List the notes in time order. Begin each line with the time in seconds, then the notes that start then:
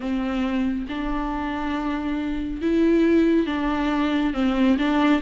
0.00 C4
0.88 D4
2.61 E4
3.46 D4
4.33 C4
4.78 D4